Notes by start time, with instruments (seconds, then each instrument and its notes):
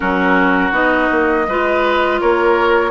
0.00 bassoon F#3, clarinet C#4, oboe F#4, flute A#4
0.71 bassoon B3, clarinet D#4, flute D#5
1.11 bassoon A#3
1.47 bassoon G#3, clarinet F4, oboe B4
2.20 bassoon A#3, oboe A#4, flute C#5